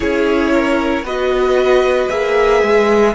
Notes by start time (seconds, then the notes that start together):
0.00 C#4 E4 G#4 C#5
0.52 A#4
1.03 B3 F#4 B4 D#5
2.08 A#3 G#4 E5
2.62 G#3